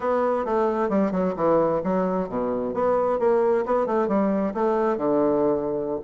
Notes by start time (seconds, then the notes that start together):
0.00 B3
0.45 A3
0.89 G3
1.11 F#3
1.36 E3
1.83 F#3
2.29 B2
2.74 B3
3.19 A#3
3.65 B3
3.86 A3
4.08 G3
4.53 A3
4.97 D3